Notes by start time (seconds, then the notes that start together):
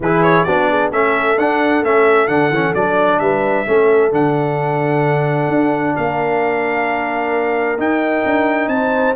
0.00 E3 E4 G#4 B4
0.22 C#5
0.43 B3 D4 F#4 D5
0.68 G#4
0.91 A3 C#4 A4 E5
1.37 D4 F#5
1.83 A3 C#4 E5
2.27 D3 D4 F#5
2.49 E3 C#4
2.74 F#3 D4 D5
3.19 G3 B4 E5
3.66 A3 C#4 A4
4.11 D3 D4 F#5
5.48 D4
5.96 A#3 A#4 F5
7.78 D#4 G5
8.25 D4
8.67 C4 A5
8.73 C5